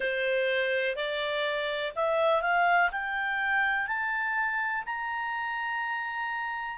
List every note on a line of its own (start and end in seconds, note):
0.00 0.96 C5
0.96 1.93 D5
1.95 2.42 E5
2.42 2.90 F5
2.91 3.87 G5
3.87 4.84 A5
4.85 6.77 A#5